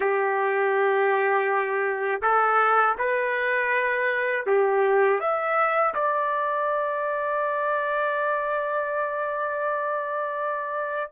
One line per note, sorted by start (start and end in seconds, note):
0.00 2.21 G4
2.22 2.96 A4
2.98 4.46 B4
4.46 5.20 G4
5.20 5.94 E5
5.94 11.11 D5